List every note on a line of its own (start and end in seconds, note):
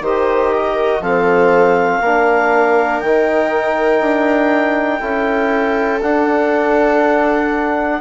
0.00 1.00 D#3
0.00 1.02 G4
0.00 0.53 C5
0.00 1.02 D#5
0.53 1.01 A#4
1.01 2.01 F3
1.01 2.02 C4
1.01 2.01 A4
1.01 3.00 F5
2.01 3.01 A#3
2.01 3.05 D4
2.01 4.99 A#4
3.00 4.00 D#3
3.00 5.00 D#4
3.00 6.00 G5
4.00 5.00 D4
4.99 6.02 C#4
4.99 6.00 E4
4.99 7.99 A4
6.01 8.01 D4
6.01 8.01 F#5